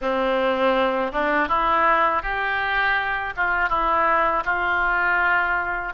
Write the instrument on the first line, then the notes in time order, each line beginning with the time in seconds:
oboe
0.01 C4
1.11 D4
1.48 E4
2.22 G4
3.36 F4
3.69 E4
4.44 F4